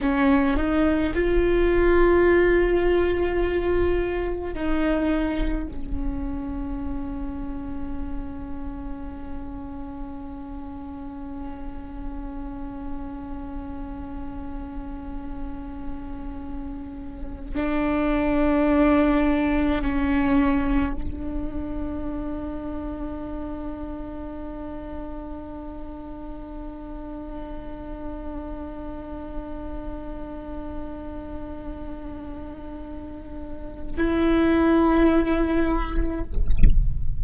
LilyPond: \new Staff \with { instrumentName = "viola" } { \time 4/4 \tempo 4 = 53 cis'8 dis'8 f'2. | dis'4 cis'2.~ | cis'1~ | cis'2.~ cis'8 d'8~ |
d'4. cis'4 d'4.~ | d'1~ | d'1~ | d'2 e'2 | }